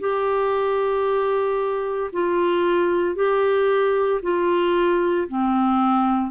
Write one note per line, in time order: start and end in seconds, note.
0.00 2.11 G4
2.12 3.15 F4
3.15 4.21 G4
4.22 5.27 F4
5.28 6.31 C4